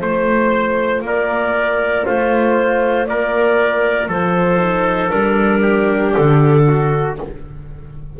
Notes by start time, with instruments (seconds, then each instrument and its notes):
0.00 double bass A3, viola F4, clarinet C5, trumpet C5
1.02 double bass A#3, trumpet A#4, clarinet D5
2.06 double bass A3, trumpet F4, clarinet C5
3.07 double bass A#3, trumpet A#4, clarinet D5
4.08 double bass F3, trumpet A4, clarinet C5
4.59 viola D#4
5.10 double bass G3, viola D4, clarinet A#4
5.62 trumpet G4
6.14 double bass D3, clarinet A4
6.68 trumpet F#4